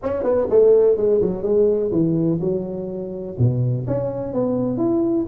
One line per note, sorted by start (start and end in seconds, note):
0.02 0.23 C#4
0.23 0.47 B3
0.50 0.96 A3
0.96 1.20 G#3
1.21 1.42 F#3
1.42 1.90 G#3
1.91 2.39 E3
2.40 3.36 F#3
3.38 3.86 B2
3.87 4.33 C#4
4.33 4.77 B3
4.77 5.25 E4